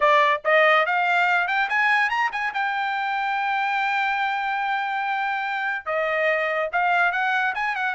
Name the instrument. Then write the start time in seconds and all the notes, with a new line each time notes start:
trumpet
0.00 D5
0.44 D#5
0.86 F5
1.47 G5
1.69 G#5
2.09 A#5
2.32 G#5
2.53 G5
5.85 D#5
6.72 F5
7.12 F#5
7.54 G#5
7.75 F#5